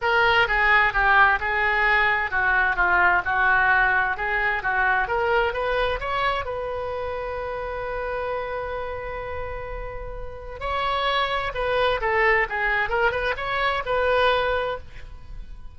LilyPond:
\new Staff \with { instrumentName = "oboe" } { \time 4/4 \tempo 4 = 130 ais'4 gis'4 g'4 gis'4~ | gis'4 fis'4 f'4 fis'4~ | fis'4 gis'4 fis'4 ais'4 | b'4 cis''4 b'2~ |
b'1~ | b'2. cis''4~ | cis''4 b'4 a'4 gis'4 | ais'8 b'8 cis''4 b'2 | }